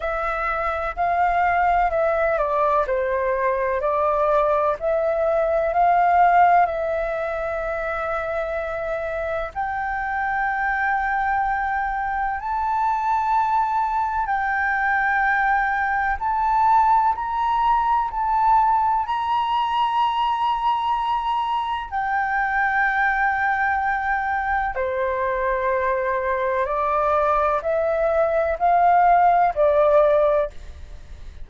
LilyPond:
\new Staff \with { instrumentName = "flute" } { \time 4/4 \tempo 4 = 63 e''4 f''4 e''8 d''8 c''4 | d''4 e''4 f''4 e''4~ | e''2 g''2~ | g''4 a''2 g''4~ |
g''4 a''4 ais''4 a''4 | ais''2. g''4~ | g''2 c''2 | d''4 e''4 f''4 d''4 | }